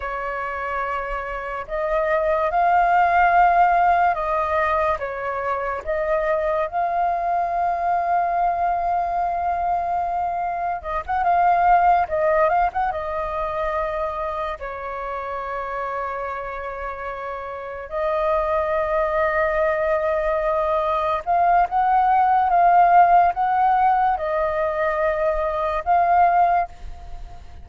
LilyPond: \new Staff \with { instrumentName = "flute" } { \time 4/4 \tempo 4 = 72 cis''2 dis''4 f''4~ | f''4 dis''4 cis''4 dis''4 | f''1~ | f''4 dis''16 fis''16 f''4 dis''8 f''16 fis''16 dis''8~ |
dis''4. cis''2~ cis''8~ | cis''4. dis''2~ dis''8~ | dis''4. f''8 fis''4 f''4 | fis''4 dis''2 f''4 | }